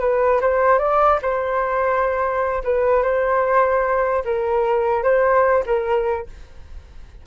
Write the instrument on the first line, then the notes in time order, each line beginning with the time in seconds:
flute
0.00 B4
0.41 C5
0.79 D5
1.22 C5
2.64 B4
3.03 C5
4.25 A#4
5.03 C5
5.66 A#4